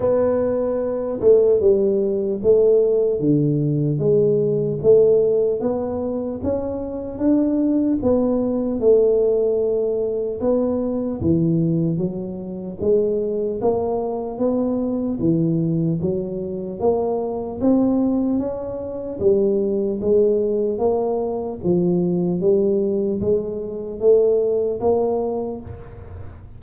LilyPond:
\new Staff \with { instrumentName = "tuba" } { \time 4/4 \tempo 4 = 75 b4. a8 g4 a4 | d4 gis4 a4 b4 | cis'4 d'4 b4 a4~ | a4 b4 e4 fis4 |
gis4 ais4 b4 e4 | fis4 ais4 c'4 cis'4 | g4 gis4 ais4 f4 | g4 gis4 a4 ais4 | }